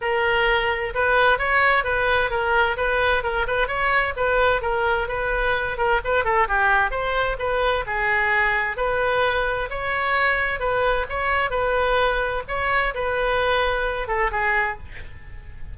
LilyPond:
\new Staff \with { instrumentName = "oboe" } { \time 4/4 \tempo 4 = 130 ais'2 b'4 cis''4 | b'4 ais'4 b'4 ais'8 b'8 | cis''4 b'4 ais'4 b'4~ | b'8 ais'8 b'8 a'8 g'4 c''4 |
b'4 gis'2 b'4~ | b'4 cis''2 b'4 | cis''4 b'2 cis''4 | b'2~ b'8 a'8 gis'4 | }